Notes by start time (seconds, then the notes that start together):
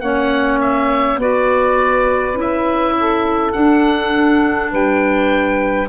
0.00 A#3 C#4 C#5 F#5
0.61 E5
1.16 B3 F#4 B4 D5
2.34 C#4 E4 E5
3.00 A4
3.52 D4 F#5
4.71 G3 B4 G5